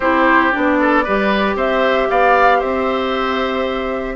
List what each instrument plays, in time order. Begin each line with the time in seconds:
0.00 bassoon C4, clarinet E4, oboe G4, flute C5
0.52 bassoon B3, clarinet D4, flute D5
0.80 oboe A4
1.03 bassoon G3, clarinet G4, oboe B4
1.55 bassoon C4, oboe C5, flute E5
2.09 bassoon B3, oboe D5, flute F5
2.58 bassoon C4, oboe C5, flute E5